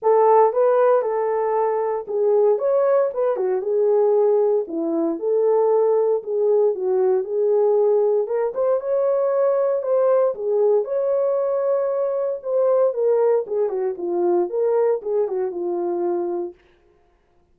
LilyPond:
\new Staff \with { instrumentName = "horn" } { \time 4/4 \tempo 4 = 116 a'4 b'4 a'2 | gis'4 cis''4 b'8 fis'8 gis'4~ | gis'4 e'4 a'2 | gis'4 fis'4 gis'2 |
ais'8 c''8 cis''2 c''4 | gis'4 cis''2. | c''4 ais'4 gis'8 fis'8 f'4 | ais'4 gis'8 fis'8 f'2 | }